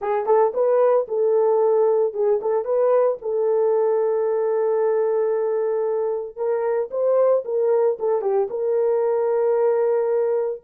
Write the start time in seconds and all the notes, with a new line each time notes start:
0.01 G#4
0.26 A4
0.53 B4
1.08 A4
2.13 G#4
2.41 A4
2.64 B4
3.21 A4
6.36 A#4
6.90 C5
7.45 A#4
7.99 A4
8.21 G4
8.50 A#4